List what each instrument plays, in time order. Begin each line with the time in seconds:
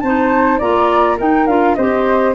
0.00 tuba C4, clarinet D#4, flute C5 A5
0.58 tuba A#3, clarinet F4, flute D5 A#5
1.18 clarinet D#4, tuba D#4, flute A#4 G5
1.46 tuba D4, clarinet F4, flute F5
1.75 tuba C4, clarinet G4, flute C5 D#5